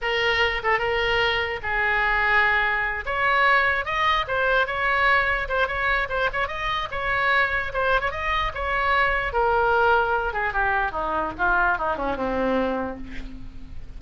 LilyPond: \new Staff \with { instrumentName = "oboe" } { \time 4/4 \tempo 4 = 148 ais'4. a'8 ais'2 | gis'2.~ gis'8 cis''8~ | cis''4. dis''4 c''4 cis''8~ | cis''4. c''8 cis''4 c''8 cis''8 |
dis''4 cis''2 c''8. cis''16 | dis''4 cis''2 ais'4~ | ais'4. gis'8 g'4 dis'4 | f'4 dis'8 cis'8 c'2 | }